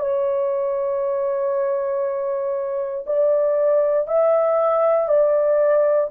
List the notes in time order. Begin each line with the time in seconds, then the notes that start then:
0.00 C#5
3.07 D5
4.08 E5
5.09 D5